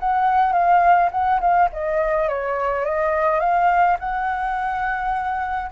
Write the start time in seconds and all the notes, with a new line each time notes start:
0.00 F#5
0.53 F5
1.12 F#5
1.41 F5
1.73 D#5
2.29 C#5
2.85 D#5
3.40 F5
4.00 F#5